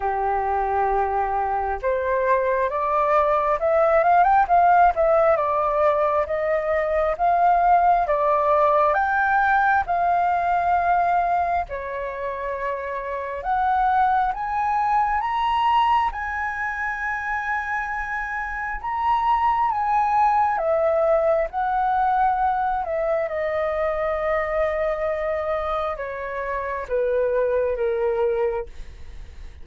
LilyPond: \new Staff \with { instrumentName = "flute" } { \time 4/4 \tempo 4 = 67 g'2 c''4 d''4 | e''8 f''16 g''16 f''8 e''8 d''4 dis''4 | f''4 d''4 g''4 f''4~ | f''4 cis''2 fis''4 |
gis''4 ais''4 gis''2~ | gis''4 ais''4 gis''4 e''4 | fis''4. e''8 dis''2~ | dis''4 cis''4 b'4 ais'4 | }